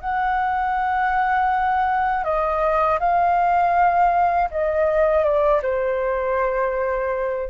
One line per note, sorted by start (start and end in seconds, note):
0.00 2.24 F#5
2.24 2.99 D#5
2.99 4.49 F5
4.50 5.23 D#5
5.23 5.61 D5
5.62 7.49 C5